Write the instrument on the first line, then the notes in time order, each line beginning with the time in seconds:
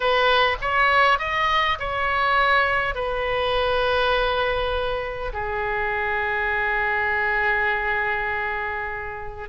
oboe
0.00 B4
0.61 C#5
1.19 D#5
1.79 C#5
2.94 B4
5.33 G#4